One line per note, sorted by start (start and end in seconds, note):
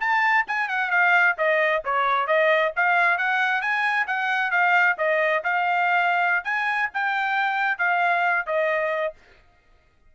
0.00 0.45 A5
0.47 0.68 G#5
0.68 0.90 F#5
0.90 1.35 F5
1.37 1.82 D#5
1.84 2.27 C#5
2.27 2.72 D#5
2.76 3.17 F5
3.17 3.61 F#5
3.61 4.06 G#5
4.06 4.50 F#5
4.50 4.95 F5
4.97 5.43 D#5
5.43 6.44 F5
6.44 6.89 G#5
6.93 7.78 G5
7.78 8.46 F5
8.46 9.13 D#5